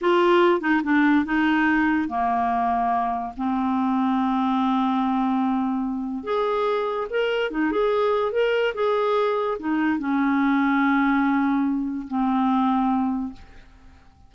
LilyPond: \new Staff \with { instrumentName = "clarinet" } { \time 4/4 \tempo 4 = 144 f'4. dis'8 d'4 dis'4~ | dis'4 ais2. | c'1~ | c'2. gis'4~ |
gis'4 ais'4 dis'8 gis'4. | ais'4 gis'2 dis'4 | cis'1~ | cis'4 c'2. | }